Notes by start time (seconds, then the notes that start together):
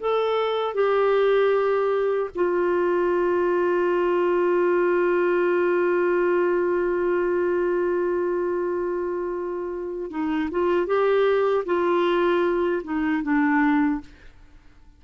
0.00 A4
0.74 G4
2.35 F4
10.11 D#4
10.51 F4
10.86 G4
11.65 F4
12.84 D#4
13.23 D4